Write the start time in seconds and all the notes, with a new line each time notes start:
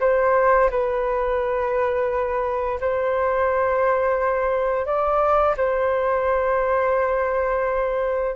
0.00 C5
0.70 B4
2.80 C5
4.86 D5
5.57 C5